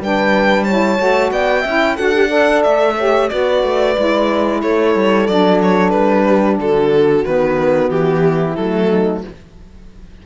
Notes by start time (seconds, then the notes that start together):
0.00 G3 D4 B4 G5
0.64 E4 C#5 A5
0.98 A3 F#4
1.31 B3 D5 G5
1.61 C#4 E4 E5
1.96 D4 F#4 A4 F#5
2.14 G4
2.28 A4 D5
2.63 A3 E5
2.97 G4 C#5
3.29 B3 F#4 B4 D5
3.63 A3
3.96 G#3 E4
4.62 A3 A4 C#5
4.95 G3
5.27 F#3 D4 D5
5.62 C#5
5.90 G3 B4
6.27 G4
6.59 D3 F#4 A4
7.24 D#3 B3 B4
7.90 E3 G4
8.21 E4
8.56 F#3 A3 A4
8.89 D#4